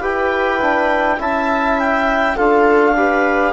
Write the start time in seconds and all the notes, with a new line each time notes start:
0.00 E4 G4 B4 G5
0.62 D4
1.18 C#4 E4 E5 A5
1.79 G5
2.36 D4 F4 A4 F5
2.96 G4 B4